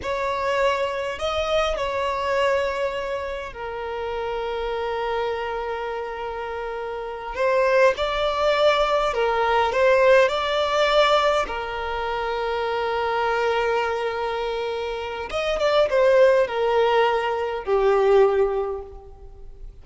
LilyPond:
\new Staff \with { instrumentName = "violin" } { \time 4/4 \tempo 4 = 102 cis''2 dis''4 cis''4~ | cis''2 ais'2~ | ais'1~ | ais'8 c''4 d''2 ais'8~ |
ais'8 c''4 d''2 ais'8~ | ais'1~ | ais'2 dis''8 d''8 c''4 | ais'2 g'2 | }